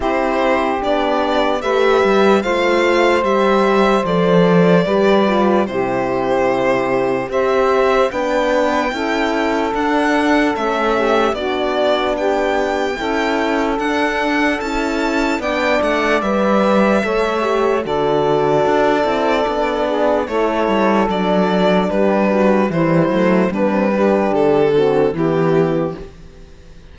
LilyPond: <<
  \new Staff \with { instrumentName = "violin" } { \time 4/4 \tempo 4 = 74 c''4 d''4 e''4 f''4 | e''4 d''2 c''4~ | c''4 e''4 g''2 | fis''4 e''4 d''4 g''4~ |
g''4 fis''4 a''4 g''8 fis''8 | e''2 d''2~ | d''4 cis''4 d''4 b'4 | c''4 b'4 a'4 g'4 | }
  \new Staff \with { instrumentName = "saxophone" } { \time 4/4 g'2 b'4 c''4~ | c''2 b'4 g'4~ | g'4 c''4 b'4 a'4~ | a'4. g'8 fis'4 g'4 |
a'2. d''4~ | d''4 cis''4 a'2~ | a'8 gis'8 a'2 g'8 fis'8 | e'4 d'8 g'4 fis'8 e'4 | }
  \new Staff \with { instrumentName = "horn" } { \time 4/4 e'4 d'4 g'4 f'4 | g'4 a'4 g'8 f'8 e'4~ | e'4 g'4 d'4 e'4 | d'4 cis'4 d'2 |
e'4 d'4 e'4 d'4 | b'4 a'8 g'8 fis'4. e'8 | d'4 e'4 d'2 | g8 a8 b16 c'16 d'4 c'8 b4 | }
  \new Staff \with { instrumentName = "cello" } { \time 4/4 c'4 b4 a8 g8 a4 | g4 f4 g4 c4~ | c4 c'4 b4 cis'4 | d'4 a4 b2 |
cis'4 d'4 cis'4 b8 a8 | g4 a4 d4 d'8 c'8 | b4 a8 g8 fis4 g4 | e8 fis8 g4 d4 e4 | }
>>